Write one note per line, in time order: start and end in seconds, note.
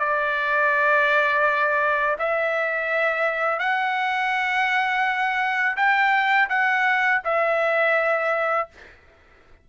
0.00 2.17 D5
2.19 3.60 E5
3.60 5.77 F#5
5.77 6.49 G5
6.50 7.22 F#5
7.25 8.69 E5